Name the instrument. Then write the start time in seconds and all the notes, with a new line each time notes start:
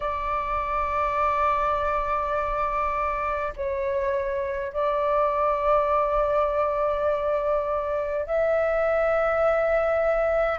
flute
0.00 D5
3.56 C#5
4.73 D5
8.26 E5